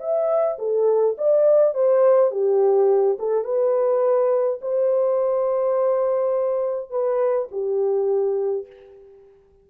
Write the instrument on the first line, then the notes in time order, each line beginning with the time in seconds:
horn
0.00 E5
0.59 A4
1.18 D5
1.75 C5
2.32 G4
3.19 A4
3.45 B4
4.62 C5
6.91 B4
7.52 G4